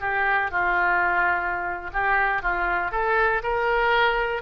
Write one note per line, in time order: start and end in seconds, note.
0.00 0.51 G4
0.51 1.90 F4
1.93 2.42 G4
2.42 2.91 F4
2.91 3.42 A4
3.43 4.42 A#4